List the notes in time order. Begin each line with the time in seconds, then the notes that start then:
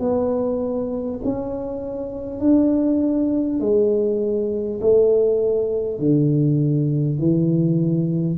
0.00 B3
1.24 C#4
2.40 D4
3.61 G#3
4.81 A3
5.99 D3
7.19 E3